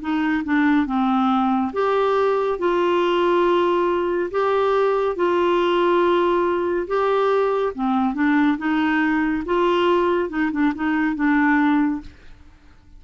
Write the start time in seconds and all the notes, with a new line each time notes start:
0.00 D#4
0.44 D4
0.86 C4
1.73 G4
2.58 F4
4.31 G4
5.15 F4
6.87 G4
7.75 C4
8.14 D4
8.57 D#4
9.45 F4
10.29 D#4
10.52 D4
10.75 D#4
11.15 D4